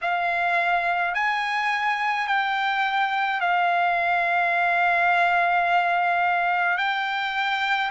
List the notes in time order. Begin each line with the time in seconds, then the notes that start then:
0.01 F5
1.14 G#5
2.26 G5
3.40 F5
6.77 G5